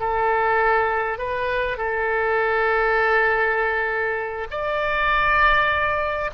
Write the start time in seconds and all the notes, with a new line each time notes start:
0.00 A4
1.18 B4
1.78 A4
4.51 D5